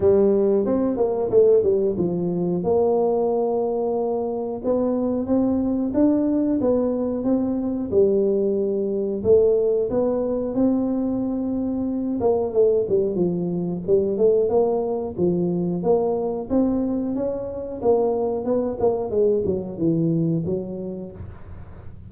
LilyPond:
\new Staff \with { instrumentName = "tuba" } { \time 4/4 \tempo 4 = 91 g4 c'8 ais8 a8 g8 f4 | ais2. b4 | c'4 d'4 b4 c'4 | g2 a4 b4 |
c'2~ c'8 ais8 a8 g8 | f4 g8 a8 ais4 f4 | ais4 c'4 cis'4 ais4 | b8 ais8 gis8 fis8 e4 fis4 | }